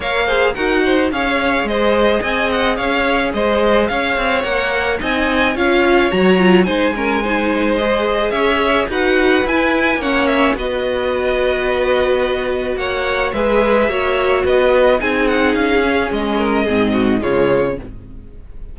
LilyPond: <<
  \new Staff \with { instrumentName = "violin" } { \time 4/4 \tempo 4 = 108 f''4 fis''4 f''4 dis''4 | gis''8 fis''8 f''4 dis''4 f''4 | fis''4 gis''4 f''4 ais''4 | gis''2 dis''4 e''4 |
fis''4 gis''4 fis''8 e''8 dis''4~ | dis''2. fis''4 | e''2 dis''4 gis''8 fis''8 | f''4 dis''2 cis''4 | }
  \new Staff \with { instrumentName = "violin" } { \time 4/4 cis''8 c''8 ais'8 c''8 cis''4 c''4 | dis''4 cis''4 c''4 cis''4~ | cis''4 dis''4 cis''2 | c''8 ais'8 c''2 cis''4 |
b'2 cis''4 b'4~ | b'2. cis''4 | b'4 cis''4 b'4 gis'4~ | gis'4. ais'8 gis'8 fis'8 f'4 | }
  \new Staff \with { instrumentName = "viola" } { \time 4/4 ais'8 gis'8 fis'4 gis'2~ | gis'1 | ais'4 dis'4 f'4 fis'8 f'8 | dis'8 cis'8 dis'4 gis'2 |
fis'4 e'4 cis'4 fis'4~ | fis'1 | gis'4 fis'2 dis'4~ | dis'8 cis'4. c'4 gis4 | }
  \new Staff \with { instrumentName = "cello" } { \time 4/4 ais4 dis'4 cis'4 gis4 | c'4 cis'4 gis4 cis'8 c'8 | ais4 c'4 cis'4 fis4 | gis2. cis'4 |
dis'4 e'4 ais4 b4~ | b2. ais4 | gis4 ais4 b4 c'4 | cis'4 gis4 gis,4 cis4 | }
>>